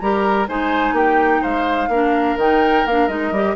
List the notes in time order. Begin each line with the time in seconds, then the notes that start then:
0.00 G3 G4 A#4 A#5
0.48 G#3 D#4 C5 G#5
0.93 A#3 G4 G5
1.42 G#3 C5 F5
1.88 A#3 D4 A#4
2.37 D#3 D#4 G5
2.86 A#3 D4 F5
3.08 G#3 D#4 D#5
3.32 G3 G4